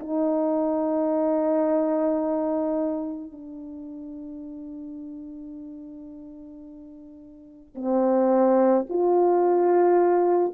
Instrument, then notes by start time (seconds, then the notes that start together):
horn
0.00 D#4
3.32 D4
7.75 C4
8.89 F4